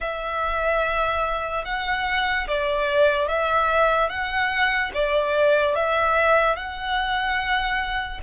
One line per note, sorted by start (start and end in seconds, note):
0.00 1.64 E5
1.64 2.47 F#5
2.47 3.28 D5
3.28 4.09 E5
4.09 4.91 F#5
4.94 5.75 D5
5.75 6.56 E5
6.56 8.20 F#5